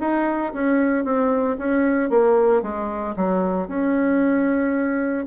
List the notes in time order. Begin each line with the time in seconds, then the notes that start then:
0.00 D#4
0.53 C#4
1.04 C4
1.58 C#4
2.10 A#3
2.62 G#3
3.16 F#3
3.67 C#4